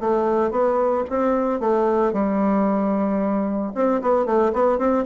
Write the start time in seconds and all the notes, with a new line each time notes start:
0.00 A3
0.51 B3
1.10 C4
1.60 A3
2.13 G3
3.75 C4
4.02 B3
4.26 A3
4.53 B3
4.78 C4